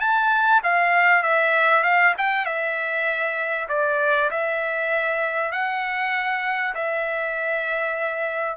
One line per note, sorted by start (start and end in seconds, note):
0.00 0.61 A5
0.63 1.23 F5
1.23 1.83 E5
1.83 2.14 F5
2.18 2.45 G5
2.45 3.68 E5
3.69 4.30 D5
4.31 5.52 E5
5.52 6.74 F#5
6.74 8.57 E5